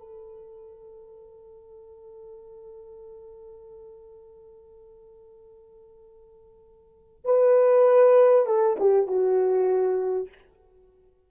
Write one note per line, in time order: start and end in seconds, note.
0.00 7.25 A4
7.25 8.47 B4
8.47 8.77 A4
8.80 9.08 G4
9.08 10.29 F#4